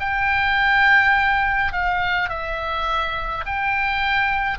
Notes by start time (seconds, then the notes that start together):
0.00 G5
1.73 F5
2.30 E5
3.46 G5